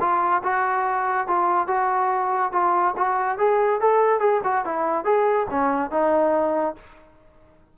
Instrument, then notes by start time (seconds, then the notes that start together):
trombone
0.00 F4
0.43 F#4
1.27 F4
1.67 F#4
2.52 F4
2.97 F#4
3.38 G#4
3.81 A4
4.20 G#4
4.44 F#4
4.65 E4
5.05 G#4
5.50 C#4
5.91 D#4